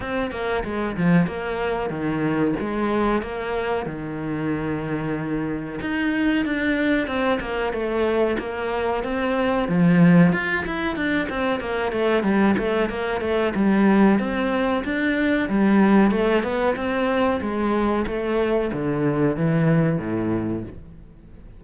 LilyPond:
\new Staff \with { instrumentName = "cello" } { \time 4/4 \tempo 4 = 93 c'8 ais8 gis8 f8 ais4 dis4 | gis4 ais4 dis2~ | dis4 dis'4 d'4 c'8 ais8 | a4 ais4 c'4 f4 |
f'8 e'8 d'8 c'8 ais8 a8 g8 a8 | ais8 a8 g4 c'4 d'4 | g4 a8 b8 c'4 gis4 | a4 d4 e4 a,4 | }